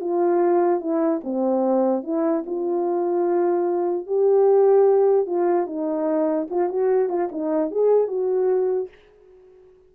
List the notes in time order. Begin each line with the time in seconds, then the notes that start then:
0.00 F4
0.80 E4
1.24 C4
2.03 E4
2.46 F4
4.06 G4
5.26 F4
5.66 D#4
6.50 F4
6.69 F#4
7.09 F4
7.31 D#4
7.71 G#4
8.07 F#4